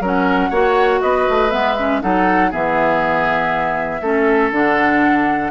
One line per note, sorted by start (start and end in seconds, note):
0.00 0.50 F#3
0.00 0.52 C#4
0.00 0.50 A#4
0.06 1.02 F#5
0.50 1.01 A#3
0.50 1.50 F#4
0.50 1.00 C#5
1.02 1.28 B3
1.02 2.02 B4
1.02 1.51 D#5
1.29 1.53 A3
1.50 2.03 G#3
1.50 1.75 B3
1.50 2.01 E5
1.78 2.02 C#4
2.02 2.53 F#3
2.02 2.52 D#4
2.02 2.51 A4
2.02 2.52 F#5
2.51 4.01 E3
2.51 4.02 B3
2.51 4.01 G#4
2.51 4.52 E5
4.01 4.51 A3
4.01 4.52 C#4
4.01 5.51 A4
4.51 5.51 D3
4.51 5.51 D4
4.51 5.51 F#5